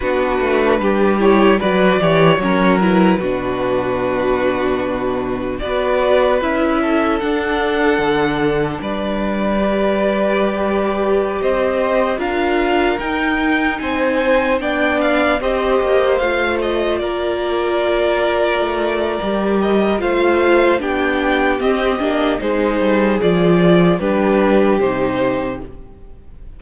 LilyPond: <<
  \new Staff \with { instrumentName = "violin" } { \time 4/4 \tempo 4 = 75 b'4. cis''8 d''4 cis''8 b'8~ | b'2. d''4 | e''4 fis''2 d''4~ | d''2~ d''16 dis''4 f''8.~ |
f''16 g''4 gis''4 g''8 f''8 dis''8.~ | dis''16 f''8 dis''8 d''2~ d''8.~ | d''8 dis''8 f''4 g''4 dis''4 | c''4 d''4 b'4 c''4 | }
  \new Staff \with { instrumentName = "violin" } { \time 4/4 fis'4 g'4 b'8 cis''8 ais'4 | fis'2. b'4~ | b'8 a'2~ a'8 b'4~ | b'2~ b'16 c''4 ais'8.~ |
ais'4~ ais'16 c''4 d''4 c''8.~ | c''4~ c''16 ais'2~ ais'8.~ | ais'4 c''4 g'2 | gis'2 g'2 | }
  \new Staff \with { instrumentName = "viola" } { \time 4/4 d'4. e'8 fis'8 g'8 cis'8 e'8 | d'2. fis'4 | e'4 d'2. | g'2.~ g'16 f'8.~ |
f'16 dis'2 d'4 g'8.~ | g'16 f'2.~ f'8. | g'4 f'4 d'4 c'8 d'8 | dis'4 f'4 d'4 dis'4 | }
  \new Staff \with { instrumentName = "cello" } { \time 4/4 b8 a8 g4 fis8 e8 fis4 | b,2. b4 | cis'4 d'4 d4 g4~ | g2~ g16 c'4 d'8.~ |
d'16 dis'4 c'4 b4 c'8 ais16~ | ais16 a4 ais2 a8. | g4 a4 b4 c'8 ais8 | gis8 g8 f4 g4 c4 | }
>>